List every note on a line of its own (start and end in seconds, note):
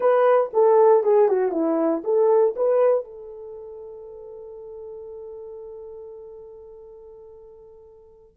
0.00 0.50 B4
0.53 1.03 A4
1.03 1.28 G#4
1.28 1.51 F#4
1.51 2.02 E4
2.04 2.54 A4
2.55 3.04 B4
3.04 8.36 A4